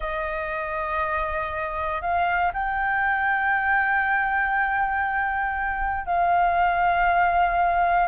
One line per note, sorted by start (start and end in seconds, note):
0.00 2.01 D#5
2.01 2.52 F5
2.53 6.06 G5
6.06 8.07 F5